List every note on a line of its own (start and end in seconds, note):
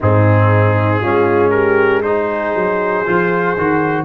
0.00 1.02 G#2
0.00 1.03 C4
0.00 0.99 D#4
0.00 1.50 G#4
1.00 2.54 G#3
1.00 2.03 C#4
1.00 1.51 F4
1.50 2.04 G4
1.50 2.01 A#4
2.02 3.05 D#4
2.02 4.05 G#4
2.02 4.05 C5
2.54 3.05 F#3
3.06 3.56 F3
3.06 3.56 F4
3.56 4.05 D#3
3.56 4.05 F#4